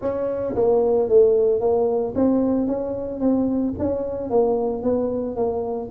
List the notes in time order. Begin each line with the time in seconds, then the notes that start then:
0.01 C#4
0.55 A#3
1.09 A3
1.60 A#3
2.15 C4
2.67 C#4
3.20 C4
3.78 C#4
4.30 A#3
4.82 B3
5.36 A#3